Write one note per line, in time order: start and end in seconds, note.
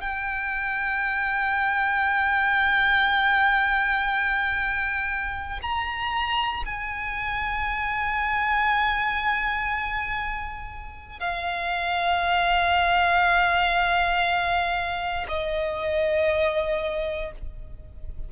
0.00 5.59 G5
5.62 6.63 A#5
6.65 11.19 G#5
11.19 15.26 F5
15.28 17.32 D#5